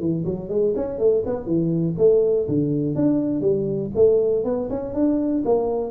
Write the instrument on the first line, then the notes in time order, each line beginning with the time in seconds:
tuba
0.00 E3
0.25 F#3
0.49 G#3
0.76 C#4
0.99 A3
1.26 B3
1.47 E3
1.98 A3
2.49 D3
2.96 D4
3.41 G3
3.95 A3
4.45 B3
4.70 C#4
4.94 D4
5.45 A#3